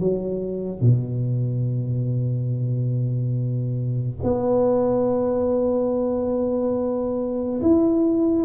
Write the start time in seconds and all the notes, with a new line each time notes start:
0.00 F#3
0.81 B2
4.23 B3
7.62 E4